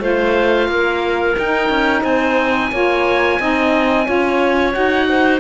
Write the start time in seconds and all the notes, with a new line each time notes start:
0.00 A3 F4 C5 F5
0.68 A#3 A#4
1.39 D#4 G5
1.69 C#4
2.03 C4 C5 G#5
2.72 A#3 F4 C#5
3.40 C4 D#4 D#5
4.06 C#4 F4 C#5
4.73 D#4 F#4 F#5
5.09 C5